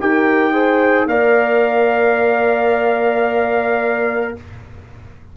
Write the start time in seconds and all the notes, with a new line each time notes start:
0.00 D#4 G4 A#4 G5
0.52 G#4 C5
1.07 A#3 A#4 D5 F5